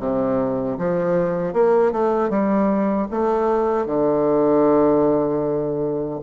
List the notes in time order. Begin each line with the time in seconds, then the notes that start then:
0.00 C3
0.79 F3
1.54 A#3
1.92 A3
2.30 G3
3.11 A3
3.86 D3